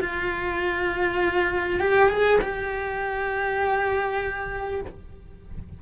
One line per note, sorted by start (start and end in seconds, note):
0.00 1.80 F4
1.80 2.09 G4
2.09 2.39 G#4
2.41 4.81 G4